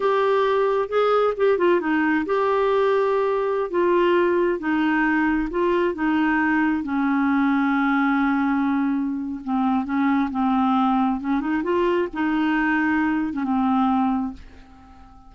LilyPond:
\new Staff \with { instrumentName = "clarinet" } { \time 4/4 \tempo 4 = 134 g'2 gis'4 g'8 f'8 | dis'4 g'2.~ | g'16 f'2 dis'4.~ dis'16~ | dis'16 f'4 dis'2 cis'8.~ |
cis'1~ | cis'4 c'4 cis'4 c'4~ | c'4 cis'8 dis'8 f'4 dis'4~ | dis'4.~ dis'16 cis'16 c'2 | }